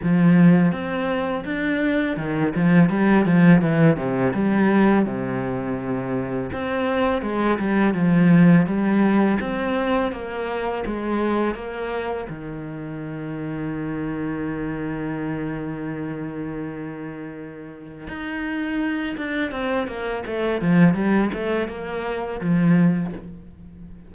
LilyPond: \new Staff \with { instrumentName = "cello" } { \time 4/4 \tempo 4 = 83 f4 c'4 d'4 dis8 f8 | g8 f8 e8 c8 g4 c4~ | c4 c'4 gis8 g8 f4 | g4 c'4 ais4 gis4 |
ais4 dis2.~ | dis1~ | dis4 dis'4. d'8 c'8 ais8 | a8 f8 g8 a8 ais4 f4 | }